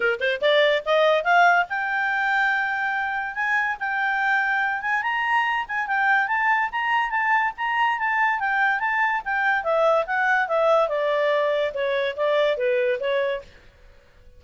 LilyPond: \new Staff \with { instrumentName = "clarinet" } { \time 4/4 \tempo 4 = 143 ais'8 c''8 d''4 dis''4 f''4 | g''1 | gis''4 g''2~ g''8 gis''8 | ais''4. gis''8 g''4 a''4 |
ais''4 a''4 ais''4 a''4 | g''4 a''4 g''4 e''4 | fis''4 e''4 d''2 | cis''4 d''4 b'4 cis''4 | }